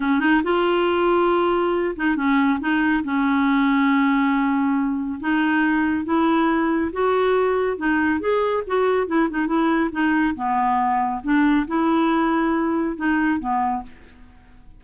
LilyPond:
\new Staff \with { instrumentName = "clarinet" } { \time 4/4 \tempo 4 = 139 cis'8 dis'8 f'2.~ | f'8 dis'8 cis'4 dis'4 cis'4~ | cis'1 | dis'2 e'2 |
fis'2 dis'4 gis'4 | fis'4 e'8 dis'8 e'4 dis'4 | b2 d'4 e'4~ | e'2 dis'4 b4 | }